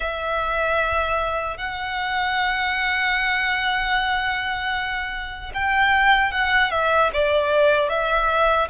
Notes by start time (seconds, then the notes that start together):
0.00 E5
1.57 F#5
5.54 G5
6.31 F#5
6.71 E5
7.13 D5
7.89 E5